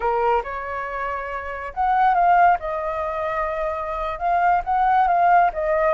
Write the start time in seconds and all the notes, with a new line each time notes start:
0.00 A#4
0.43 C#5
1.74 F#5
2.14 F5
2.59 D#5
4.19 F5
4.64 F#5
5.07 F5
5.53 D#5